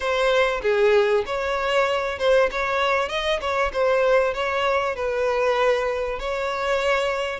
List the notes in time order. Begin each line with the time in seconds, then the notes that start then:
0.00 C5
0.62 G#4
1.26 C#5
2.18 C5
2.51 C#5
3.08 D#5
3.40 C#5
3.73 C5
4.34 C#5
4.95 B4
6.19 C#5